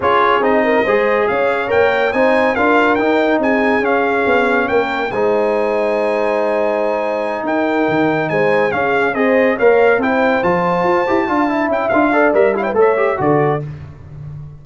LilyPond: <<
  \new Staff \with { instrumentName = "trumpet" } { \time 4/4 \tempo 4 = 141 cis''4 dis''2 f''4 | g''4 gis''4 f''4 g''4 | gis''4 f''2 g''4 | gis''1~ |
gis''4. g''2 gis''8~ | gis''8 f''4 dis''4 f''4 g''8~ | g''8 a''2. g''8 | f''4 e''8 f''16 g''16 e''4 d''4 | }
  \new Staff \with { instrumentName = "horn" } { \time 4/4 gis'4. ais'8 c''4 cis''4~ | cis''4 c''4 ais'2 | gis'2. ais'4 | c''1~ |
c''4. ais'2 c''8~ | c''8 gis'4 c''4 cis''4 c''8~ | c''2~ c''8 f''8 e''4~ | e''8 d''4 cis''16 b'16 cis''4 a'4 | }
  \new Staff \with { instrumentName = "trombone" } { \time 4/4 f'4 dis'4 gis'2 | ais'4 dis'4 f'4 dis'4~ | dis'4 cis'2. | dis'1~ |
dis'1~ | dis'8 cis'4 gis'4 ais'4 e'8~ | e'8 f'4. g'8 f'8 e'4 | f'8 a'8 ais'8 e'8 a'8 g'8 fis'4 | }
  \new Staff \with { instrumentName = "tuba" } { \time 4/4 cis'4 c'4 gis4 cis'4 | ais4 c'4 d'4 dis'4 | c'4 cis'4 b4 ais4 | gis1~ |
gis4. dis'4 dis4 gis8~ | gis8 cis'4 c'4 ais4 c'8~ | c'8 f4 f'8 e'8 d'4 cis'8 | d'4 g4 a4 d4 | }
>>